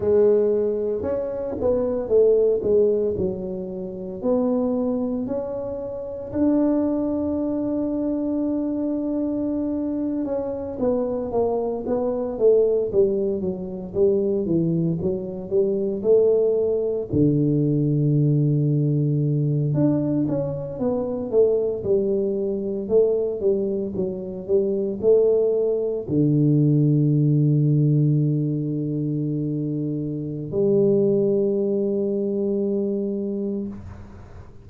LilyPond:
\new Staff \with { instrumentName = "tuba" } { \time 4/4 \tempo 4 = 57 gis4 cis'8 b8 a8 gis8 fis4 | b4 cis'4 d'2~ | d'4.~ d'16 cis'8 b8 ais8 b8 a16~ | a16 g8 fis8 g8 e8 fis8 g8 a8.~ |
a16 d2~ d8 d'8 cis'8 b16~ | b16 a8 g4 a8 g8 fis8 g8 a16~ | a8. d2.~ d16~ | d4 g2. | }